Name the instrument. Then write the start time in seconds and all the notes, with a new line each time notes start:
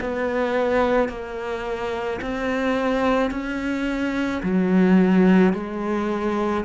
cello
0.00 B3
1.09 A#3
2.21 C4
3.30 C#4
4.42 F#3
5.53 G#3